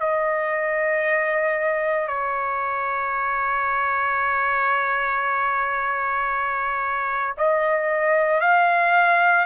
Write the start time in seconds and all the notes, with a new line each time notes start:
0.00 D#5
2.08 C#5
7.38 D#5
8.41 F5